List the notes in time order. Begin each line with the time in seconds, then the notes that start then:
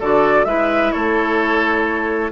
0.00 D3 F#4 A4 D5
0.45 G#3 E4 B4 E5
0.92 A3 A4 C#5